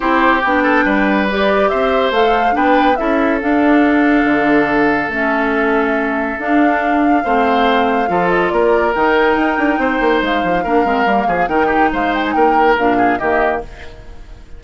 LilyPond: <<
  \new Staff \with { instrumentName = "flute" } { \time 4/4 \tempo 4 = 141 c''4 g''2 d''4 | e''4 f''4 g''4 e''4 | f''1 | e''2. f''4~ |
f''2.~ f''8 dis''8 | d''4 g''2. | f''2. g''4 | f''8 g''16 gis''16 g''4 f''4 dis''4 | }
  \new Staff \with { instrumentName = "oboe" } { \time 4/4 g'4. a'8 b'2 | c''2 b'4 a'4~ | a'1~ | a'1~ |
a'4 c''2 a'4 | ais'2. c''4~ | c''4 ais'4. gis'8 ais'8 g'8 | c''4 ais'4. gis'8 g'4 | }
  \new Staff \with { instrumentName = "clarinet" } { \time 4/4 e'4 d'2 g'4~ | g'4 a'4 d'4 e'4 | d'1 | cis'2. d'4~ |
d'4 c'2 f'4~ | f'4 dis'2.~ | dis'4 d'8 c'8 ais4 dis'4~ | dis'2 d'4 ais4 | }
  \new Staff \with { instrumentName = "bassoon" } { \time 4/4 c'4 b4 g2 | c'4 a4 b4 cis'4 | d'2 d2 | a2. d'4~ |
d'4 a2 f4 | ais4 dis4 dis'8 d'8 c'8 ais8 | gis8 f8 ais8 gis8 g8 f8 dis4 | gis4 ais4 ais,4 dis4 | }
>>